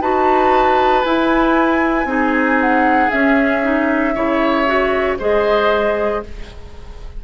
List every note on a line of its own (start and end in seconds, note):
0.00 1.03 D#4
0.00 1.05 F#4
0.00 2.08 B4
0.00 1.04 A5
1.04 2.05 E4
1.04 2.06 E4
1.04 2.59 G#5
2.05 3.08 C4
2.05 3.09 D#4
2.05 4.14 G#4
2.60 3.10 F#5
3.10 3.62 C#4
3.10 4.16 C#4
3.10 5.17 E5
3.62 4.14 D#4
4.14 5.19 C#3
4.14 4.66 E4
4.14 5.18 C#5
4.66 5.18 F#4
5.18 6.23 G#3
5.18 6.23 G#4
5.18 6.22 C5
5.18 6.24 D#5